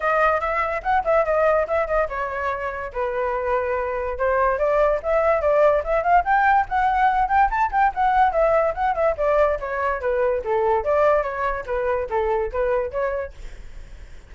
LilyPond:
\new Staff \with { instrumentName = "flute" } { \time 4/4 \tempo 4 = 144 dis''4 e''4 fis''8 e''8 dis''4 | e''8 dis''8 cis''2 b'4~ | b'2 c''4 d''4 | e''4 d''4 e''8 f''8 g''4 |
fis''4. g''8 a''8 g''8 fis''4 | e''4 fis''8 e''8 d''4 cis''4 | b'4 a'4 d''4 cis''4 | b'4 a'4 b'4 cis''4 | }